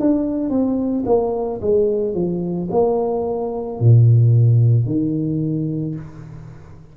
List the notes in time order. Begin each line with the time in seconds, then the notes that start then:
0.00 D4
0.49 C4
1.06 A#3
1.61 G#3
2.14 F3
2.70 A#3
3.79 A#2
4.85 D#3